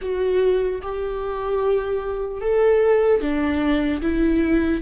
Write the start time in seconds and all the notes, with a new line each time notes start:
0.01 F#4
0.81 G4
2.41 A4
3.21 D4
4.01 E4